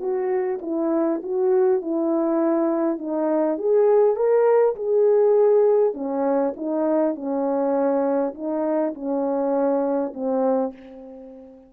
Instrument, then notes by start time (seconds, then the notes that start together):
horn
0.00 F#4
0.62 E4
1.23 F#4
1.82 E4
2.99 D#4
3.58 G#4
4.16 A#4
4.76 G#4
5.95 C#4
6.57 D#4
7.15 C#4
8.35 D#4
8.95 C#4
10.14 C4